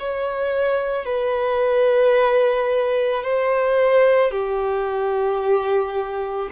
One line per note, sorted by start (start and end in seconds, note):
0.00 1.06 C#5
1.06 3.24 B4
3.24 4.31 C5
4.31 6.50 G4